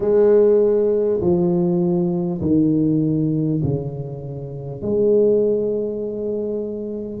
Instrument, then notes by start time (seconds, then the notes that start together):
tuba
0.00 G#3
1.21 F3
2.41 D#3
3.63 C#3
4.82 G#3